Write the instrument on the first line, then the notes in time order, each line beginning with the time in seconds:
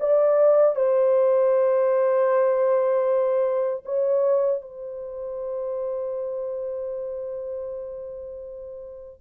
horn
0.00 D5
0.76 C5
3.85 C#5
4.62 C5